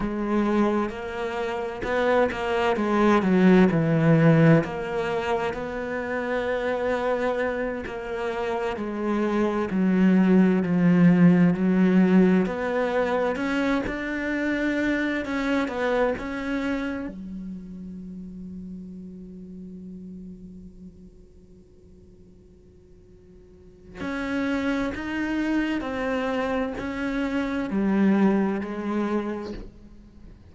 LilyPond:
\new Staff \with { instrumentName = "cello" } { \time 4/4 \tempo 4 = 65 gis4 ais4 b8 ais8 gis8 fis8 | e4 ais4 b2~ | b8 ais4 gis4 fis4 f8~ | f8 fis4 b4 cis'8 d'4~ |
d'8 cis'8 b8 cis'4 fis4.~ | fis1~ | fis2 cis'4 dis'4 | c'4 cis'4 g4 gis4 | }